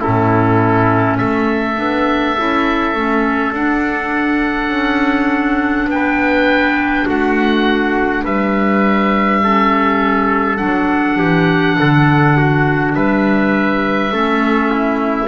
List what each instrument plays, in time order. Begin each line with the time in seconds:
0.00 double bass A2, clarinet C#4, trumpet E4, oboe A4
1.18 double bass A3, trumpet A4, oboe E5
1.76 double bass B3, clarinet D4
2.37 double bass C#4, clarinet E4
2.94 double bass A3, clarinet C#4
3.52 double bass D4, clarinet D4, oboe F#5
4.68 double bass C#4
5.86 double bass B3, oboe G5
5.94 trumpet B4
7.05 double bass A3, trumpet F#4, oboe F#5
8.24 double bass G3, trumpet B4, oboe E5
9.43 clarinet C#4, trumpet A4
10.57 double bass F#3, clarinet D4, oboe F#5
11.18 double bass E3, trumpet G4
11.79 double bass D3, trumpet A4
12.37 trumpet F#4
12.94 double bass G3, trumpet B4, oboe E5
14.11 double bass A3, clarinet C#4, trumpet A4
14.71 trumpet E4